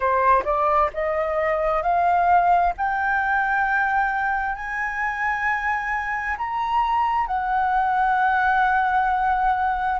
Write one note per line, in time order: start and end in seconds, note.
0.00 0.43 C5
0.44 0.90 D5
0.93 1.82 D#5
1.82 2.73 F5
2.77 4.55 G5
4.55 6.36 G#5
6.37 7.26 A#5
7.26 9.99 F#5